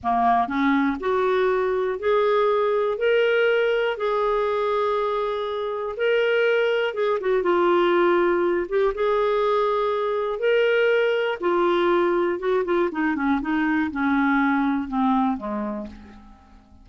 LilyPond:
\new Staff \with { instrumentName = "clarinet" } { \time 4/4 \tempo 4 = 121 ais4 cis'4 fis'2 | gis'2 ais'2 | gis'1 | ais'2 gis'8 fis'8 f'4~ |
f'4. g'8 gis'2~ | gis'4 ais'2 f'4~ | f'4 fis'8 f'8 dis'8 cis'8 dis'4 | cis'2 c'4 gis4 | }